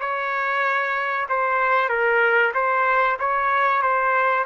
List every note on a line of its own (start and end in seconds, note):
0.00 1.26 C#5
1.29 1.89 C5
1.89 2.52 A#4
2.54 3.17 C5
3.19 3.82 C#5
3.82 4.45 C5